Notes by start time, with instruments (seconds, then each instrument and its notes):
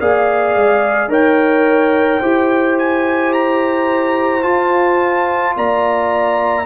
0.00 tuba A#3, trombone G#4, horn D5, trumpet F5
0.55 tuba G#3
1.08 tuba D#4, trombone A#4, horn C#5, trumpet G5
2.20 tuba E4, trombone G4, horn C5
2.78 trumpet G#5
3.33 trumpet A#5
4.43 trombone F4, tuba F4, trumpet A5
5.57 tuba A#3, horn D5, trumpet A#5